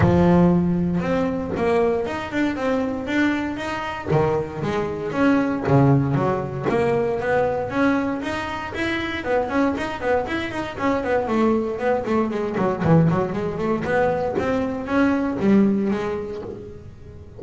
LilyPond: \new Staff \with { instrumentName = "double bass" } { \time 4/4 \tempo 4 = 117 f2 c'4 ais4 | dis'8 d'8 c'4 d'4 dis'4 | dis4 gis4 cis'4 cis4 | fis4 ais4 b4 cis'4 |
dis'4 e'4 b8 cis'8 dis'8 b8 | e'8 dis'8 cis'8 b8 a4 b8 a8 | gis8 fis8 e8 fis8 gis8 a8 b4 | c'4 cis'4 g4 gis4 | }